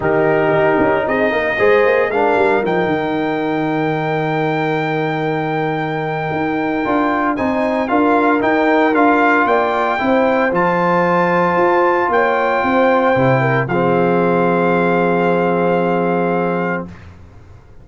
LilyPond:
<<
  \new Staff \with { instrumentName = "trumpet" } { \time 4/4 \tempo 4 = 114 ais'2 dis''2 | f''4 g''2.~ | g''1~ | g''2 gis''4 f''4 |
g''4 f''4 g''2 | a''2. g''4~ | g''2 f''2~ | f''1 | }
  \new Staff \with { instrumentName = "horn" } { \time 4/4 g'2 gis'8 ais'8 c''4 | ais'1~ | ais'1~ | ais'2 c''4 ais'4~ |
ais'2 d''4 c''4~ | c''2. cis''4 | c''4. ais'8 gis'2~ | gis'1 | }
  \new Staff \with { instrumentName = "trombone" } { \time 4/4 dis'2. gis'4 | d'4 dis'2.~ | dis'1~ | dis'4 f'4 dis'4 f'4 |
dis'4 f'2 e'4 | f'1~ | f'4 e'4 c'2~ | c'1 | }
  \new Staff \with { instrumentName = "tuba" } { \time 4/4 dis4 dis'8 cis'8 c'8 ais8 gis8 ais8 | gis8 g8 f8 dis2~ dis8~ | dis1 | dis'4 d'4 c'4 d'4 |
dis'4 d'4 ais4 c'4 | f2 f'4 ais4 | c'4 c4 f2~ | f1 | }
>>